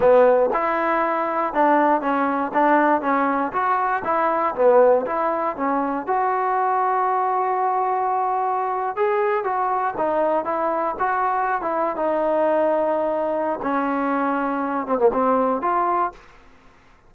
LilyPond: \new Staff \with { instrumentName = "trombone" } { \time 4/4 \tempo 4 = 119 b4 e'2 d'4 | cis'4 d'4 cis'4 fis'4 | e'4 b4 e'4 cis'4 | fis'1~ |
fis'4.~ fis'16 gis'4 fis'4 dis'16~ | dis'8. e'4 fis'4~ fis'16 e'8. dis'16~ | dis'2. cis'4~ | cis'4. c'16 ais16 c'4 f'4 | }